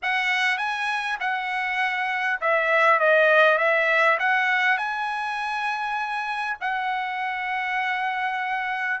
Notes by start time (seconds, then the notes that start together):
0.02 F#5
0.57 G#5
1.20 F#5
2.40 E5
2.99 D#5
3.58 E5
4.19 F#5
4.77 G#5
6.60 F#5